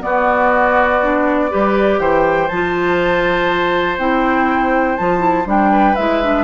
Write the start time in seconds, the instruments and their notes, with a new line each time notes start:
0.00 clarinet B3, bassoon B3, oboe F#4, flute D5
1.02 clarinet D4
1.50 bassoon G3, clarinet G4, oboe B4
1.99 bassoon E3, oboe C5, flute G5
2.48 bassoon F3, clarinet F4, flute A5
3.98 bassoon C4, clarinet E4, flute G5
4.97 bassoon F3, clarinet F4, flute A5
5.18 clarinet E4
5.46 bassoon G3, clarinet D4, flute G5
5.72 oboe B4
5.95 bassoon G#3, clarinet E4, flute E5
6.23 clarinet D4